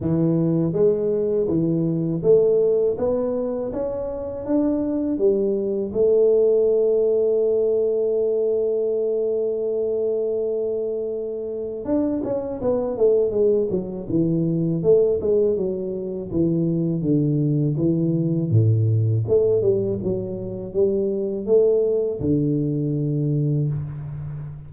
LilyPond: \new Staff \with { instrumentName = "tuba" } { \time 4/4 \tempo 4 = 81 e4 gis4 e4 a4 | b4 cis'4 d'4 g4 | a1~ | a1 |
d'8 cis'8 b8 a8 gis8 fis8 e4 | a8 gis8 fis4 e4 d4 | e4 a,4 a8 g8 fis4 | g4 a4 d2 | }